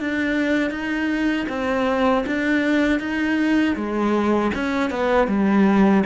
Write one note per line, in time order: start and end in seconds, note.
0.00 0.70 D4
0.70 1.46 D#4
1.49 2.25 C4
2.26 3.00 D4
3.00 3.76 D#4
3.76 4.52 G#3
4.54 4.91 C#4
4.91 5.28 B3
5.28 6.04 G3